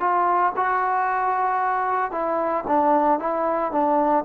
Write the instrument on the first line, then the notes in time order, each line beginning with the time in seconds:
trombone
0.00 F4
0.56 F#4
2.11 E4
2.67 D4
3.19 E4
3.72 D4